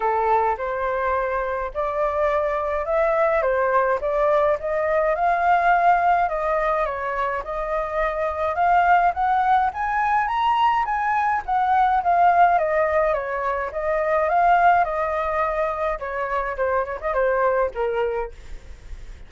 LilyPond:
\new Staff \with { instrumentName = "flute" } { \time 4/4 \tempo 4 = 105 a'4 c''2 d''4~ | d''4 e''4 c''4 d''4 | dis''4 f''2 dis''4 | cis''4 dis''2 f''4 |
fis''4 gis''4 ais''4 gis''4 | fis''4 f''4 dis''4 cis''4 | dis''4 f''4 dis''2 | cis''4 c''8 cis''16 dis''16 c''4 ais'4 | }